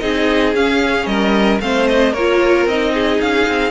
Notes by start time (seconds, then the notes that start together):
0.00 C4 D#4 G#4 D#5
0.55 C#4 F5
1.06 G3 A#4 D#5
1.60 A3 C4 C5 F5
1.87 D#5
2.12 A#3 A#4 C#5
2.19 F4
2.66 C4 D#4 D#5
2.94 G#4
3.21 C#4 F5
3.48 C4